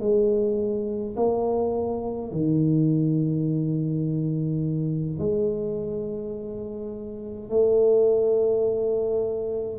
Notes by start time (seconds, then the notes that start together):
0.00 G#3
1.16 A#3
2.32 D#3
5.19 G#3
7.49 A3